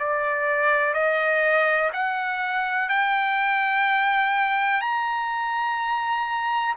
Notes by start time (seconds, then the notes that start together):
0.00 D5
0.94 D#5
1.93 F#5
2.89 G5
4.82 A#5